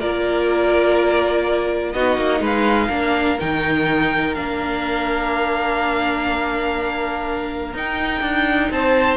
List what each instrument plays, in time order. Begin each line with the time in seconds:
0.00 cello A#3, viola F4, violin A#4 D5
1.93 cello B3, viola D#4, violin F#4 D#5
2.17 cello A#3
2.40 cello G#3, violin B4 F5
2.88 cello A#3, viola D4, violin A#4
3.39 cello D#3, viola D#4, violin G5
4.35 cello A#3, viola D4, violin F5
7.74 cello D#4, viola D#4, violin G5
8.21 cello D4
8.71 cello C4, violin C5 A5